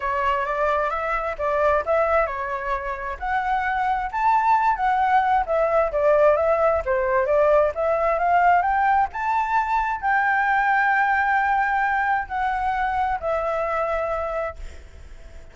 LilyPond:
\new Staff \with { instrumentName = "flute" } { \time 4/4 \tempo 4 = 132 cis''4 d''4 e''4 d''4 | e''4 cis''2 fis''4~ | fis''4 a''4. fis''4. | e''4 d''4 e''4 c''4 |
d''4 e''4 f''4 g''4 | a''2 g''2~ | g''2. fis''4~ | fis''4 e''2. | }